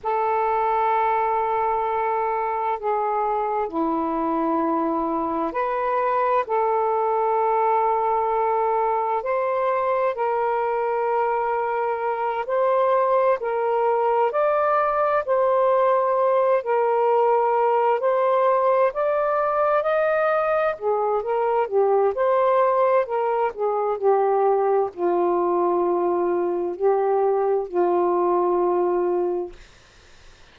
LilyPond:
\new Staff \with { instrumentName = "saxophone" } { \time 4/4 \tempo 4 = 65 a'2. gis'4 | e'2 b'4 a'4~ | a'2 c''4 ais'4~ | ais'4. c''4 ais'4 d''8~ |
d''8 c''4. ais'4. c''8~ | c''8 d''4 dis''4 gis'8 ais'8 g'8 | c''4 ais'8 gis'8 g'4 f'4~ | f'4 g'4 f'2 | }